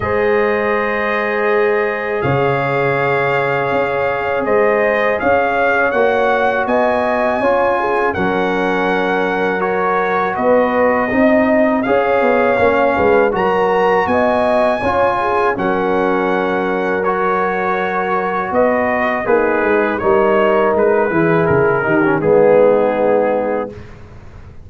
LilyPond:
<<
  \new Staff \with { instrumentName = "trumpet" } { \time 4/4 \tempo 4 = 81 dis''2. f''4~ | f''2 dis''4 f''4 | fis''4 gis''2 fis''4~ | fis''4 cis''4 dis''2 |
f''2 ais''4 gis''4~ | gis''4 fis''2 cis''4~ | cis''4 dis''4 b'4 cis''4 | b'4 ais'4 gis'2 | }
  \new Staff \with { instrumentName = "horn" } { \time 4/4 c''2. cis''4~ | cis''2 c''4 cis''4~ | cis''4 dis''4 cis''8 gis'8 ais'4~ | ais'2 b'4 dis''4 |
cis''4. b'8 ais'4 dis''4 | cis''8 gis'8 ais'2.~ | ais'4 b'4 dis'4 ais'4~ | ais'8 gis'4 g'8 dis'2 | }
  \new Staff \with { instrumentName = "trombone" } { \time 4/4 gis'1~ | gis'1 | fis'2 f'4 cis'4~ | cis'4 fis'2 dis'4 |
gis'4 cis'4 fis'2 | f'4 cis'2 fis'4~ | fis'2 gis'4 dis'4~ | dis'8 e'4 dis'16 cis'16 b2 | }
  \new Staff \with { instrumentName = "tuba" } { \time 4/4 gis2. cis4~ | cis4 cis'4 gis4 cis'4 | ais4 b4 cis'4 fis4~ | fis2 b4 c'4 |
cis'8 b8 ais8 gis8 fis4 b4 | cis'4 fis2.~ | fis4 b4 ais8 gis8 g4 | gis8 e8 cis8 dis8 gis2 | }
>>